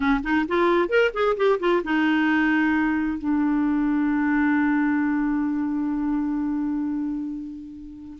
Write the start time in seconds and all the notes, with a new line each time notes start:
0.00 C#4
0.23 D#4
0.48 F4
0.88 A#4
1.13 G#4
1.36 G4
1.59 F4
1.83 D#4
3.18 D4